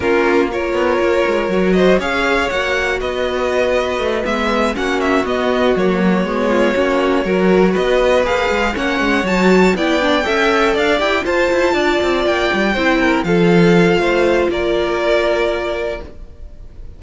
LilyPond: <<
  \new Staff \with { instrumentName = "violin" } { \time 4/4 \tempo 4 = 120 ais'4 cis''2~ cis''8 dis''8 | f''4 fis''4 dis''2~ | dis''8 e''4 fis''8 e''8 dis''4 cis''8~ | cis''2.~ cis''8 dis''8~ |
dis''8 f''4 fis''4 a''4 g''8~ | g''4. f''8 g''8 a''4.~ | a''8 g''2 f''4.~ | f''4 d''2. | }
  \new Staff \with { instrumentName = "violin" } { \time 4/4 f'4 ais'2~ ais'8 c''8 | cis''2 b'2~ | b'4. fis'2~ fis'8~ | fis'4 f'8 fis'4 ais'4 b'8~ |
b'4. cis''2 d''8~ | d''8 e''4 d''4 c''4 d''8~ | d''4. c''8 ais'8 a'4. | c''4 ais'2. | }
  \new Staff \with { instrumentName = "viola" } { \time 4/4 cis'4 f'2 fis'4 | gis'4 fis'2.~ | fis'8 b4 cis'4 b4 ais8~ | ais8 b4 cis'4 fis'4.~ |
fis'8 gis'4 cis'4 fis'4 e'8 | d'8 a'4. g'8 f'4.~ | f'4. e'4 f'4.~ | f'1 | }
  \new Staff \with { instrumentName = "cello" } { \time 4/4 ais4. b8 ais8 gis8 fis4 | cis'4 ais4 b2 | a8 gis4 ais4 b4 fis8~ | fis8 gis4 ais4 fis4 b8~ |
b8 ais8 gis8 ais8 gis8 fis4 b8~ | b8 cis'4 d'8 e'8 f'8 e'8 d'8 | c'8 ais8 g8 c'4 f4. | a4 ais2. | }
>>